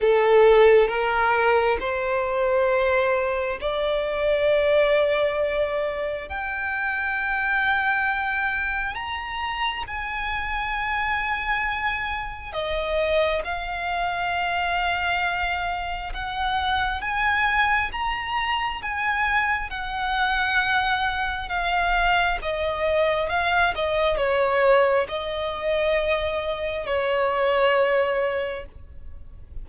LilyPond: \new Staff \with { instrumentName = "violin" } { \time 4/4 \tempo 4 = 67 a'4 ais'4 c''2 | d''2. g''4~ | g''2 ais''4 gis''4~ | gis''2 dis''4 f''4~ |
f''2 fis''4 gis''4 | ais''4 gis''4 fis''2 | f''4 dis''4 f''8 dis''8 cis''4 | dis''2 cis''2 | }